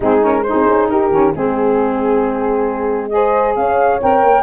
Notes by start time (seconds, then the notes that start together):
0.00 G#3 C4 D#4 G#4
0.20 C#4 A#4
0.43 D#4 G#4 C5
0.54 C4
0.68 C#4
0.87 D#4 G4 A#4
1.09 D#3 C#4
1.33 G#3 C4 G#4
3.08 G#4 C5 D#5
3.55 C#4 C#5 F5
4.02 C4 A#4 G5
4.23 A#3